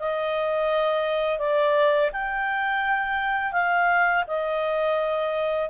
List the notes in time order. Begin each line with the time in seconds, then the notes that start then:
0.00 D#5
1.39 D5
2.13 G5
3.53 F5
4.28 D#5